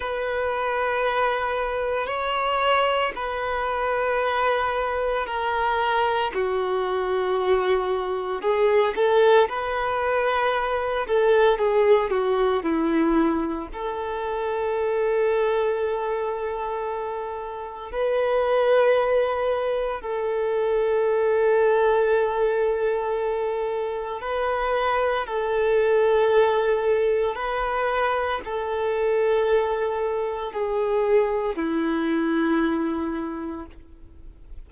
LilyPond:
\new Staff \with { instrumentName = "violin" } { \time 4/4 \tempo 4 = 57 b'2 cis''4 b'4~ | b'4 ais'4 fis'2 | gis'8 a'8 b'4. a'8 gis'8 fis'8 | e'4 a'2.~ |
a'4 b'2 a'4~ | a'2. b'4 | a'2 b'4 a'4~ | a'4 gis'4 e'2 | }